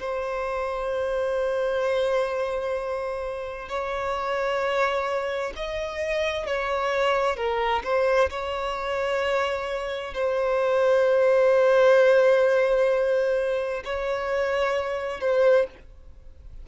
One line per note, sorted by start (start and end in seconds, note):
0.00 3.69 C5
3.69 5.53 C#5
5.56 6.47 D#5
6.47 7.36 C#5
7.36 7.83 A#4
7.84 8.30 C5
8.30 10.14 C#5
10.14 13.83 C5
13.84 15.21 C#5
15.21 15.67 C5